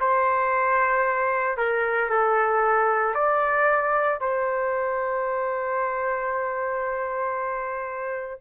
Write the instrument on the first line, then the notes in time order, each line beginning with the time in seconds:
trumpet
0.00 C5
1.57 A#4
2.10 A4
3.14 D5
4.20 C5